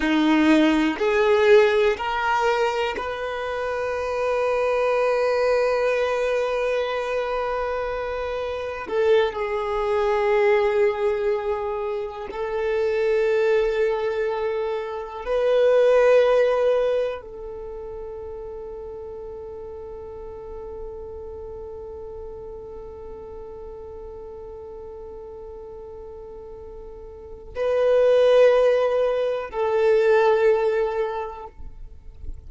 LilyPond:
\new Staff \with { instrumentName = "violin" } { \time 4/4 \tempo 4 = 61 dis'4 gis'4 ais'4 b'4~ | b'1~ | b'4 a'8 gis'2~ gis'8~ | gis'8 a'2. b'8~ |
b'4. a'2~ a'8~ | a'1~ | a'1 | b'2 a'2 | }